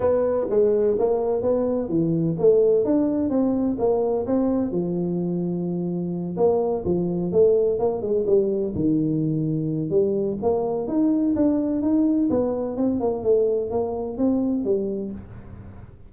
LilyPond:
\new Staff \with { instrumentName = "tuba" } { \time 4/4 \tempo 4 = 127 b4 gis4 ais4 b4 | e4 a4 d'4 c'4 | ais4 c'4 f2~ | f4. ais4 f4 a8~ |
a8 ais8 gis8 g4 dis4.~ | dis4 g4 ais4 dis'4 | d'4 dis'4 b4 c'8 ais8 | a4 ais4 c'4 g4 | }